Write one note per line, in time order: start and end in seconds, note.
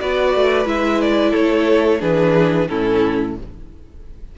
0.00 0.35 B3
0.00 0.66 F#4
0.00 1.31 B4
0.00 0.67 D5
0.36 0.66 A3
0.66 1.33 G#3
0.66 2.00 E4
0.66 1.01 E5
1.01 1.35 D5
1.31 2.02 A3
1.31 1.98 A4
1.31 2.02 C#5
2.00 2.69 E3
2.00 2.68 D4
2.00 2.68 G#4
2.00 2.69 B4
2.69 3.38 A2
2.69 3.37 C#4
2.69 3.38 E4
2.69 3.36 A4